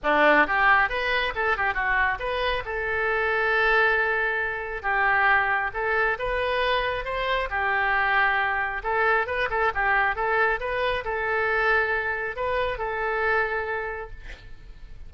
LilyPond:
\new Staff \with { instrumentName = "oboe" } { \time 4/4 \tempo 4 = 136 d'4 g'4 b'4 a'8 g'8 | fis'4 b'4 a'2~ | a'2. g'4~ | g'4 a'4 b'2 |
c''4 g'2. | a'4 b'8 a'8 g'4 a'4 | b'4 a'2. | b'4 a'2. | }